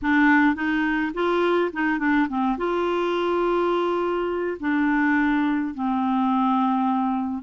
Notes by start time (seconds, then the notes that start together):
0.02 D4
0.55 D#4
1.14 F4
1.72 D#4
1.98 D4
2.28 C4
2.57 F4
4.59 D4
5.74 C4